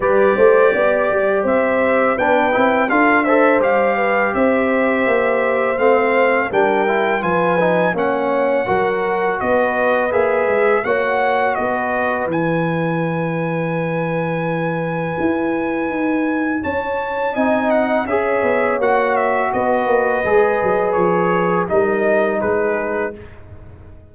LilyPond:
<<
  \new Staff \with { instrumentName = "trumpet" } { \time 4/4 \tempo 4 = 83 d''2 e''4 g''4 | f''8 e''8 f''4 e''2 | f''4 g''4 gis''4 fis''4~ | fis''4 dis''4 e''4 fis''4 |
dis''4 gis''2.~ | gis''2. a''4 | gis''8 fis''8 e''4 fis''8 e''8 dis''4~ | dis''4 cis''4 dis''4 b'4 | }
  \new Staff \with { instrumentName = "horn" } { \time 4/4 b'8 c''8 d''4 c''4 b'4 | a'8 c''4 b'8 c''2~ | c''4 ais'4 b'4 cis''4 | ais'4 b'2 cis''4 |
b'1~ | b'2. cis''4 | dis''4 cis''2 b'4~ | b'2 ais'4 gis'4 | }
  \new Staff \with { instrumentName = "trombone" } { \time 4/4 g'2. d'8 e'8 | f'8 a'8 g'2. | c'4 d'8 e'8 f'8 dis'8 cis'4 | fis'2 gis'4 fis'4~ |
fis'4 e'2.~ | e'1 | dis'4 gis'4 fis'2 | gis'2 dis'2 | }
  \new Staff \with { instrumentName = "tuba" } { \time 4/4 g8 a8 b8 g8 c'4 b8 c'8 | d'4 g4 c'4 ais4 | a4 g4 f4 ais4 | fis4 b4 ais8 gis8 ais4 |
b4 e2.~ | e4 e'4 dis'4 cis'4 | c'4 cis'8 b8 ais4 b8 ais8 | gis8 fis8 f4 g4 gis4 | }
>>